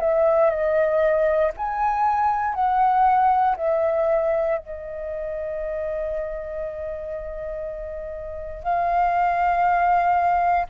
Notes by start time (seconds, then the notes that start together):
0.00 E5
0.50 D#5
1.57 G#5
2.54 F#5
3.56 E5
4.58 D#5
8.63 F5